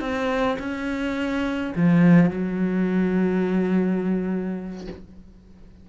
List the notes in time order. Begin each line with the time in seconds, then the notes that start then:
0.00 C4
0.59 C#4
1.76 F3
2.30 F#3